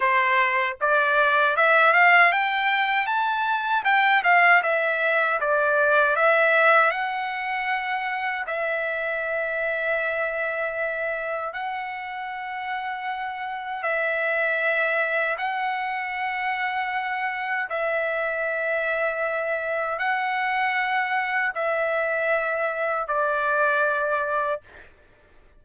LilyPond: \new Staff \with { instrumentName = "trumpet" } { \time 4/4 \tempo 4 = 78 c''4 d''4 e''8 f''8 g''4 | a''4 g''8 f''8 e''4 d''4 | e''4 fis''2 e''4~ | e''2. fis''4~ |
fis''2 e''2 | fis''2. e''4~ | e''2 fis''2 | e''2 d''2 | }